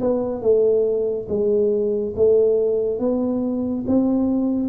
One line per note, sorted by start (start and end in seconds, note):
0.00 0.41 B3
0.41 1.27 A3
1.28 2.14 G#3
2.16 2.99 A3
2.99 3.85 B3
3.87 4.69 C4